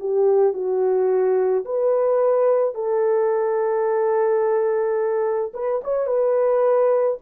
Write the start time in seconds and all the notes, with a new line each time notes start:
0.00 G4
0.54 F#4
1.65 B4
2.74 A4
5.54 B4
5.84 C#5
6.07 B4